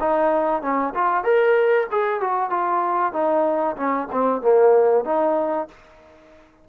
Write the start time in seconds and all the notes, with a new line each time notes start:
0.00 D#4
0.62 C#4
0.94 F4
1.24 A#4
1.91 G#4
2.20 F#4
2.50 F4
3.13 D#4
3.76 C#4
4.12 C4
4.42 A#3
5.05 D#4